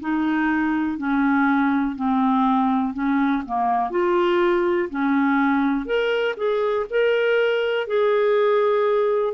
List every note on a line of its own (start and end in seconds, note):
0.00 0.97 D#4
0.97 1.95 C#4
1.95 2.93 C4
2.93 3.42 C#4
3.45 3.90 A#3
3.90 4.88 F4
4.89 5.85 C#4
5.85 6.34 A#4
6.37 6.86 G#4
6.89 7.87 A#4
7.87 9.34 G#4